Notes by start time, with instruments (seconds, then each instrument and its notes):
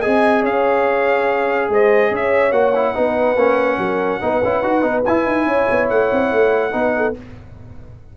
0.00 trombone G#4, horn D#5, trumpet G#5
0.06 tuba C4
0.42 tuba C#4, horn C#5, trumpet F5
1.69 tuba G#3, horn C5, trumpet D#5
2.11 tuba C#4, horn C#5, trumpet E5
2.52 tuba A#3, trombone F#4, trumpet F#5
2.75 trombone E4
2.95 tuba B3, trombone D#4, horn B4
3.36 tuba A#3, trombone C#4
3.78 tuba F#3, horn A#4
4.21 tuba B3, trombone D#4, horn B4
4.43 tuba C#4, trombone E4
4.63 tuba D#4, trombone F#4
4.82 tuba B3, trombone D#4
5.05 tuba E4, trombone E4, trumpet G#5
5.26 tuba D#4
5.46 tuba C#4, horn C#5
5.70 tuba B3
5.90 tuba A3, trumpet F#5
6.12 tuba C4
6.33 tuba A3
6.71 tuba B3, trombone D#4, horn B4
6.97 horn A4